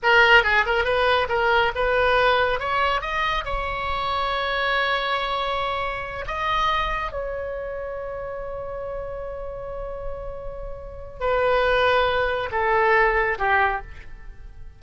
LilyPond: \new Staff \with { instrumentName = "oboe" } { \time 4/4 \tempo 4 = 139 ais'4 gis'8 ais'8 b'4 ais'4 | b'2 cis''4 dis''4 | cis''1~ | cis''2~ cis''8 dis''4.~ |
dis''8 cis''2.~ cis''8~ | cis''1~ | cis''2 b'2~ | b'4 a'2 g'4 | }